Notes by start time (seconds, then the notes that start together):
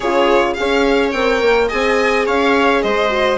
0.00 C#3 F4 G#4 C#5
0.53 C#4 G#4 F5
0.60 C#5
1.11 C4 A#4 G5
1.41 A#3
1.68 C4 G#4 D#5 G#5
2.26 C#4 C#5 F5
2.81 G#3 C5 D#5
3.10 F#4